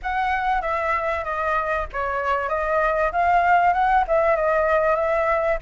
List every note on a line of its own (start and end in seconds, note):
0.02 0.61 F#5
0.61 1.24 E5
1.24 1.86 D#5
1.92 2.49 C#5
2.49 3.11 D#5
3.12 3.73 F5
3.73 4.04 F#5
4.07 4.36 E5
4.36 4.95 D#5
4.95 5.58 E5